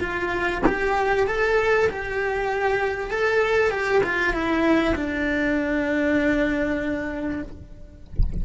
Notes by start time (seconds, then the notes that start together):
0.00 F4
0.66 G4
1.27 A4
1.90 G4
3.10 A4
3.71 G4
4.03 F4
4.33 E4
4.95 D4